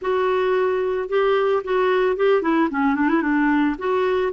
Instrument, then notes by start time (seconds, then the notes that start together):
clarinet
0.01 F#4
1.08 G4
1.63 F#4
2.16 G4
2.42 E4
2.70 C#4
2.95 D4
3.09 E4
3.22 D4
3.78 F#4